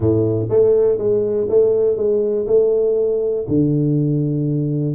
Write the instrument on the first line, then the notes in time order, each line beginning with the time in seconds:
tuba
0.00 A2
0.49 A3
0.98 G#3
1.49 A3
1.96 G#3
2.46 A3
3.47 D3